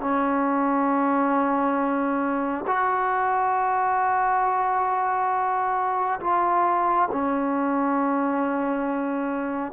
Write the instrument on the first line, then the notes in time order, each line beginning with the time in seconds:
trombone
0.00 C#4
2.67 F#4
6.20 F4
7.12 C#4